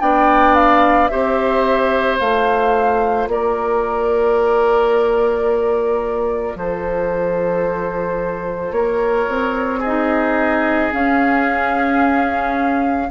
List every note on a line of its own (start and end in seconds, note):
0.00 1.10 B3
0.00 1.09 D4
0.00 1.11 D5
0.00 0.55 G5
0.55 1.07 F5
1.07 2.20 C4
1.07 2.18 G4
1.07 3.29 C5
1.07 2.17 E5
2.18 3.27 A3
2.18 9.82 F4
2.18 3.28 F5
3.27 6.55 A#3
3.27 6.58 A#4
3.27 6.57 D5
6.55 8.71 F3
6.55 8.75 A4
6.55 8.72 C5
8.71 9.26 A#3
8.71 9.79 A#4
8.71 9.81 C#5
9.28 10.92 C4
9.79 13.07 G#4
9.79 10.92 D#5
9.86 10.91 D#4
10.91 13.10 C#4
10.91 13.10 F5